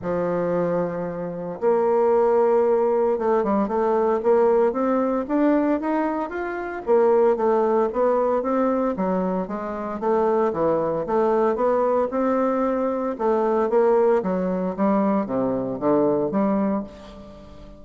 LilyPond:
\new Staff \with { instrumentName = "bassoon" } { \time 4/4 \tempo 4 = 114 f2. ais4~ | ais2 a8 g8 a4 | ais4 c'4 d'4 dis'4 | f'4 ais4 a4 b4 |
c'4 fis4 gis4 a4 | e4 a4 b4 c'4~ | c'4 a4 ais4 fis4 | g4 c4 d4 g4 | }